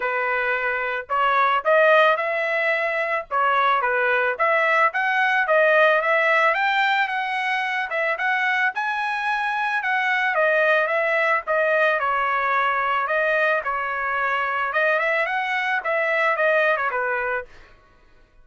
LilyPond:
\new Staff \with { instrumentName = "trumpet" } { \time 4/4 \tempo 4 = 110 b'2 cis''4 dis''4 | e''2 cis''4 b'4 | e''4 fis''4 dis''4 e''4 | g''4 fis''4. e''8 fis''4 |
gis''2 fis''4 dis''4 | e''4 dis''4 cis''2 | dis''4 cis''2 dis''8 e''8 | fis''4 e''4 dis''8. cis''16 b'4 | }